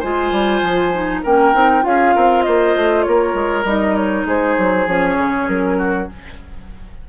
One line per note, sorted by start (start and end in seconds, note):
0.00 0.32 G#3
0.00 0.94 F4
0.00 1.21 C5
0.00 1.21 G#5
0.32 0.62 G3
0.62 1.23 F3
0.94 1.24 D#4
1.23 1.54 A#3
1.23 1.54 C#4
1.23 1.84 A#4
1.23 1.86 G5
1.54 1.84 C4
1.54 1.82 D#4
1.82 2.15 C#4
1.82 3.64 F4
1.82 2.15 G#4
1.82 2.43 F5
2.15 2.47 C4
2.15 2.45 A#4
2.43 2.76 A#3
2.43 3.06 C5
2.43 3.03 D#5
2.76 3.07 A3
3.03 3.34 A#3
3.03 4.27 A#4
3.03 3.64 C#5
3.34 3.64 G#3
3.65 4.25 G3
3.65 4.88 D#4
3.65 3.96 D#5
3.96 4.26 C#5
4.26 4.56 G#3
4.26 5.78 G#4
4.26 4.88 C5
4.58 4.87 F#3
4.87 5.17 F3
4.87 6.09 C#4
4.87 5.49 C#5
5.18 5.48 C#3
5.48 6.09 F#3
5.48 6.09 A#4
5.78 6.09 F#4